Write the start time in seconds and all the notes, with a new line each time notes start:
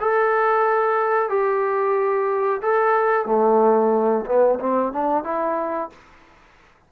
0.00 A4
1.29 G4
2.62 A4
3.25 A3
4.26 B3
4.59 C4
4.92 D4
5.23 E4